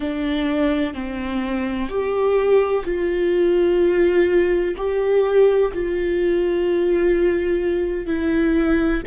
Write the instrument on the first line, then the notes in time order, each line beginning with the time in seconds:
viola
0.00 D4
0.94 C4
1.88 G4
2.84 F4
4.76 G4
5.73 F4
8.06 E4